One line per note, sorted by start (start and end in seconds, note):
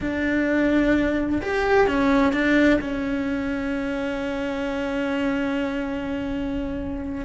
0.00 1.41 D4
1.42 1.87 G4
1.87 2.32 C#4
2.32 2.79 D4
2.80 7.25 C#4